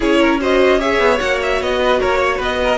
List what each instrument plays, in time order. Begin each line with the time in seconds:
0.00 cello C#4, viola E4, violin G#4 C#5
0.20 violin A#4
0.40 viola F#4, violin C5 D#5
0.79 viola G#4, violin C#5 E5
0.99 cello B3
1.17 cello A#3, viola F#4, violin F#5
1.42 violin E5
1.60 cello B3, violin D#5
1.80 violin B4
1.99 cello A#3, violin A#4 C#5
2.18 violin C#5
2.36 cello B3, violin B4 D#5
2.63 violin A#4